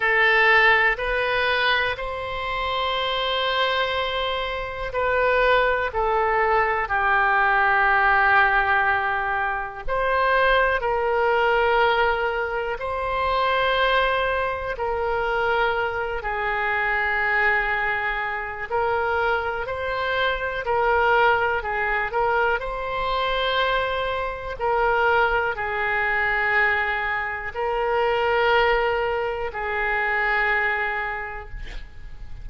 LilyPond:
\new Staff \with { instrumentName = "oboe" } { \time 4/4 \tempo 4 = 61 a'4 b'4 c''2~ | c''4 b'4 a'4 g'4~ | g'2 c''4 ais'4~ | ais'4 c''2 ais'4~ |
ais'8 gis'2~ gis'8 ais'4 | c''4 ais'4 gis'8 ais'8 c''4~ | c''4 ais'4 gis'2 | ais'2 gis'2 | }